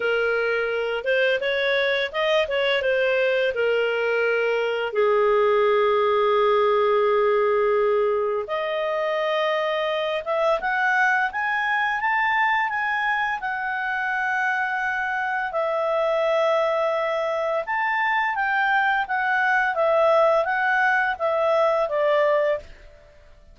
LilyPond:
\new Staff \with { instrumentName = "clarinet" } { \time 4/4 \tempo 4 = 85 ais'4. c''8 cis''4 dis''8 cis''8 | c''4 ais'2 gis'4~ | gis'1 | dis''2~ dis''8 e''8 fis''4 |
gis''4 a''4 gis''4 fis''4~ | fis''2 e''2~ | e''4 a''4 g''4 fis''4 | e''4 fis''4 e''4 d''4 | }